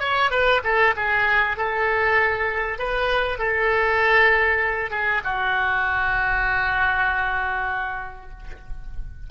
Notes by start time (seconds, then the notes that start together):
0.00 C#5
0.31 B4
0.64 A4
0.97 G#4
1.57 A4
2.79 B4
3.39 A4
4.91 G#4
5.24 F#4